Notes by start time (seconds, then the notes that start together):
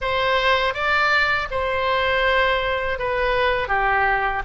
0.01 C5
0.73 D5
1.50 C5
2.98 B4
3.68 G4